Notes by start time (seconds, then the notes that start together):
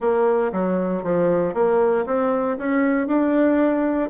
0.00 A#3
0.52 F#3
1.03 F3
1.54 A#3
2.06 C4
2.58 C#4
3.07 D4